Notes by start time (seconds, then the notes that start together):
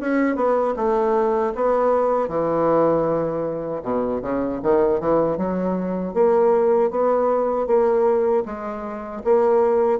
0.00 C#4
0.36 B3
0.76 A3
1.55 B3
2.28 E3
3.83 B2
4.21 C#3
4.62 D#3
5.00 E3
5.37 F#3
6.13 A#3
6.90 B3
7.67 A#3
8.45 G#3
9.24 A#3